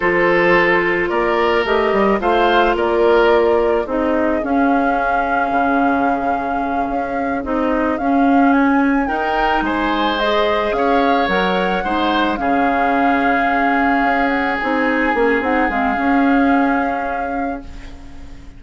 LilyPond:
<<
  \new Staff \with { instrumentName = "flute" } { \time 4/4 \tempo 4 = 109 c''2 d''4 dis''4 | f''4 d''2 dis''4 | f''1~ | f''4. dis''4 f''4 gis''8~ |
gis''8 g''4 gis''4 dis''4 f''8~ | f''8 fis''2 f''4.~ | f''2 fis''8 gis''4. | fis''8 f''2.~ f''8 | }
  \new Staff \with { instrumentName = "oboe" } { \time 4/4 a'2 ais'2 | c''4 ais'2 gis'4~ | gis'1~ | gis'1~ |
gis'8 ais'4 c''2 cis''8~ | cis''4. c''4 gis'4.~ | gis'1~ | gis'1 | }
  \new Staff \with { instrumentName = "clarinet" } { \time 4/4 f'2. g'4 | f'2. dis'4 | cis'1~ | cis'4. dis'4 cis'4.~ |
cis'8 dis'2 gis'4.~ | gis'8 ais'4 dis'4 cis'4.~ | cis'2~ cis'8 dis'4 cis'8 | dis'8 c'8 cis'2. | }
  \new Staff \with { instrumentName = "bassoon" } { \time 4/4 f2 ais4 a8 g8 | a4 ais2 c'4 | cis'2 cis2~ | cis8 cis'4 c'4 cis'4.~ |
cis'8 dis'4 gis2 cis'8~ | cis'8 fis4 gis4 cis4.~ | cis4. cis'4 c'4 ais8 | c'8 gis8 cis'2. | }
>>